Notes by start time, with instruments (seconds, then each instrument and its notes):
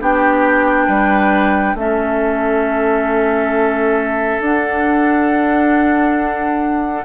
0.00 bassoon B3, clarinet D4, oboe G4, flute G5
0.86 bassoon G3, oboe B4
1.74 bassoon A3, clarinet C#4, oboe A4, flute E5
4.39 bassoon D4, clarinet D4, flute F#5